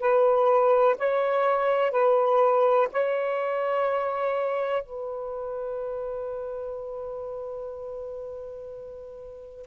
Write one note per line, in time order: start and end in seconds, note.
0.00 0.97 B4
0.99 1.91 C#5
1.91 2.88 B4
2.93 4.83 C#5
4.83 9.67 B4